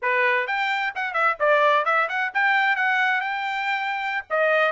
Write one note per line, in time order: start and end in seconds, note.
0.02 0.47 B4
0.47 0.93 G5
0.95 1.13 F#5
1.13 1.36 E5
1.39 1.85 D5
1.85 2.08 E5
2.08 2.31 F#5
2.34 2.76 G5
2.76 3.20 F#5
3.20 4.24 G5
4.29 4.72 D#5